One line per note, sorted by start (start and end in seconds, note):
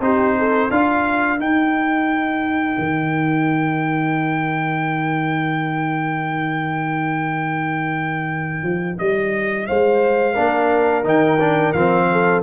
0.00 0.69 C4
0.00 0.71 D#4
0.00 0.38 G4
0.00 0.71 C5
0.38 0.72 A4
0.71 1.39 D4
0.71 1.38 F4
0.71 9.68 A#4
0.71 1.40 F5
1.38 10.34 D#4
1.38 2.77 D#4
1.38 8.99 G5
2.78 8.63 D#3
8.63 8.97 F3
8.99 9.69 G3
8.99 9.67 D#5
9.67 10.37 G#3
9.67 10.34 C5
9.67 11.04 F5
10.34 11.05 A#3
10.34 11.04 D4
10.34 12.06 A#4
11.04 11.74 D#3
11.04 11.38 D#4
11.04 11.73 G5
11.40 11.75 D4
11.73 12.43 F3
11.73 12.43 C4
11.73 12.42 F5
12.12 12.43 A4